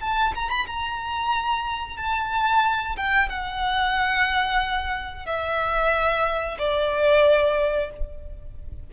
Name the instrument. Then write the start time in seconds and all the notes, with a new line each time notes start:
violin
0.00 A5
0.34 A#5
0.49 B5
0.66 A#5
1.97 A5
2.96 G5
3.29 F#5
5.25 E5
6.58 D5